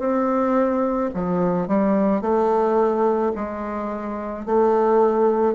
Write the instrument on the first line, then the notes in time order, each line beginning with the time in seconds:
bassoon
0.00 C4
1.15 F3
1.68 G3
2.22 A3
3.36 G#3
4.46 A3